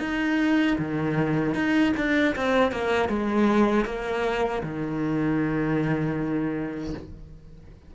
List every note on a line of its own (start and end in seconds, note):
0.00 0.77 D#4
0.79 1.55 D#3
1.55 1.93 D#4
1.97 2.35 D4
2.36 2.72 C4
2.72 3.09 A#3
3.09 3.85 G#3
3.85 4.62 A#3
4.63 6.94 D#3